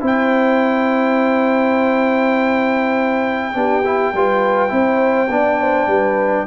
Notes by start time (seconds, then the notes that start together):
0.00 C4 E4 C5 G5
3.54 B3 D4 G4
3.85 E4
4.13 G3 F4 B4
4.68 C4 E4 C5
5.29 B3 D4 D5
5.61 C5
5.87 G3 B4